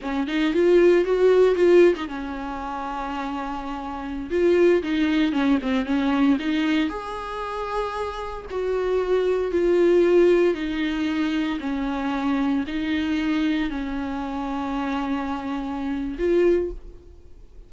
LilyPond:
\new Staff \with { instrumentName = "viola" } { \time 4/4 \tempo 4 = 115 cis'8 dis'8 f'4 fis'4 f'8. dis'16 | cis'1~ | cis'16 f'4 dis'4 cis'8 c'8 cis'8.~ | cis'16 dis'4 gis'2~ gis'8.~ |
gis'16 fis'2 f'4.~ f'16~ | f'16 dis'2 cis'4.~ cis'16~ | cis'16 dis'2 cis'4.~ cis'16~ | cis'2. f'4 | }